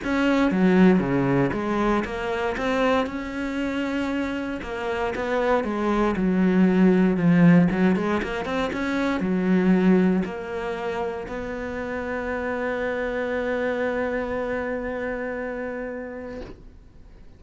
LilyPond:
\new Staff \with { instrumentName = "cello" } { \time 4/4 \tempo 4 = 117 cis'4 fis4 cis4 gis4 | ais4 c'4 cis'2~ | cis'4 ais4 b4 gis4 | fis2 f4 fis8 gis8 |
ais8 c'8 cis'4 fis2 | ais2 b2~ | b1~ | b1 | }